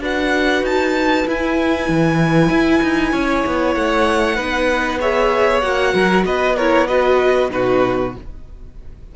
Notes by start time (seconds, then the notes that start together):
0.00 D4 F#4 B4 F#5
0.62 D#4 A5
1.26 E4 G#5
1.88 E3
2.49 E4
2.82 D#4
3.12 C#4 C#5
3.46 B3
3.74 A3 F#5
4.36 B3 D#4 B4
5.00 G#4 C#5 E5
5.60 A#3 F#4 F#5
5.93 F#3 A#4
6.24 B3 B4 D#5
6.56 E4 A#4 C#5
6.87 F#4 B4 D#5
7.49 B2 D#4 F#4 B4